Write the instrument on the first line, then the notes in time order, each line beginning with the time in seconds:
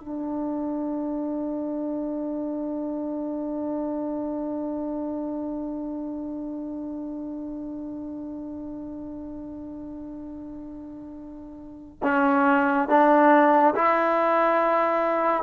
trombone
0.00 D4
12.03 C#4
12.88 D4
13.75 E4